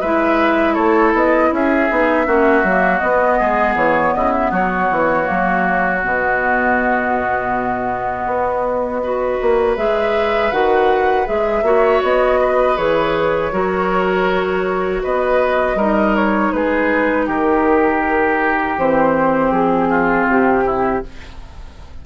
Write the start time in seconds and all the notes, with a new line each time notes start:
0.00 G#3 E4 B4 E5
0.74 A3 A4 C#5
1.13 B3 D#5
1.51 C#4 G#4 E5
1.89 B3 D#4
2.26 A#3 C#4 F#4
2.63 F#3 A#3
2.98 B3 D#5
3.38 G#3 G#4
3.75 E3 C#5
4.14 C#3 E4 D#5
4.32 E5
4.51 F#3 F#4 C#5
4.90 E3
5.24 A#3
5.30 F#3
6.03 B2 B3 D#5
8.26 B3
9.03 F#4 B4
9.41 A#3
9.77 G#3 G#4 E5
10.51 D#3 F#4 F#5
11.25 G#3 G#4 E5
11.62 A#3 F#4 C#5
12.03 B3 D#5
12.40 B4
12.76 E3 G#4 C#5
13.52 F#3 F#4 A#4
15.03 B3 B4 D#5
15.75 G3 D#4 A#4
16.16 C#5
16.52 G#3 G#4 B4
17.26 D#3 G4 A#4
18.77 E3 C4 C5
19.51 F3 G#4
19.89 F4
20.27 C3 G4
20.65 E4